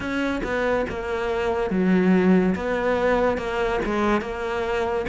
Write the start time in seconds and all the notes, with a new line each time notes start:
0.00 C#4
0.43 B3
0.89 A#3
1.70 F#3
2.55 B3
3.37 A#3
3.85 G#3
4.21 A#3